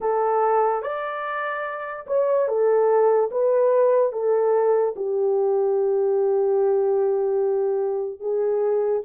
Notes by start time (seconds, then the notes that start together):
0.00 A4
0.82 D5
2.07 C#5
2.47 A4
3.31 B4
4.12 A4
4.96 G4
8.20 G#4